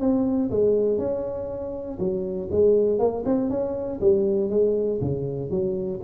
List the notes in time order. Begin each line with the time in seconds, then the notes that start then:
0.00 C4
0.51 G#3
0.98 C#4
1.99 F#3
2.51 G#3
2.99 A#3
3.25 C4
3.50 C#4
4.00 G3
4.50 G#3
5.01 C#3
5.50 F#3